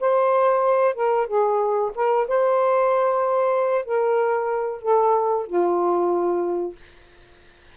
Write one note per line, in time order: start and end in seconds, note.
0.00 0.94 C5
0.94 1.27 A#4
1.27 1.91 G#4
1.95 2.27 A#4
2.27 3.85 C5
3.85 4.82 A#4
4.82 5.46 A4
5.46 6.75 F4